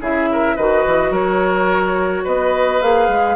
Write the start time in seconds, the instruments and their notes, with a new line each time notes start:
0.00 bassoon C#3, clarinet E4, oboe G#4, flute E5
0.32 oboe A#4
0.56 bassoon D#3, clarinet F#4, oboe B4, flute D#5
0.86 bassoon E3
1.10 bassoon F#3, oboe A#4, flute C#5
2.24 bassoon B3, oboe B4, flute D#5
2.81 bassoon A#3, clarinet G#4, flute F5
3.08 bassoon G#3